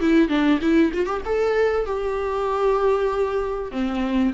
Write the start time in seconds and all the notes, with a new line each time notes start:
0.00 E4
0.29 D4
0.61 E4
0.93 F4
1.06 G4
1.25 A4
1.86 G4
3.71 C4